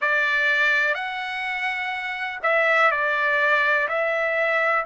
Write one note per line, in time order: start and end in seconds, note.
0.00 0.94 D5
0.94 2.39 F#5
2.42 2.91 E5
2.91 3.88 D5
3.88 4.85 E5